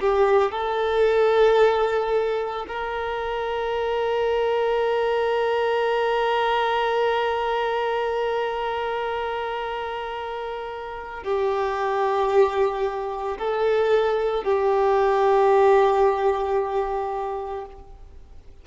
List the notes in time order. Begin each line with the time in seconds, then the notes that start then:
0.00 G4
0.52 A4
2.68 A#4
11.23 G4
13.38 A4
14.44 G4